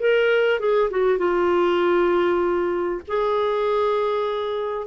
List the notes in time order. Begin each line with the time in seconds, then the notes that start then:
0.00 A#4
0.60 G#4
0.91 F#4
1.18 F4
3.08 G#4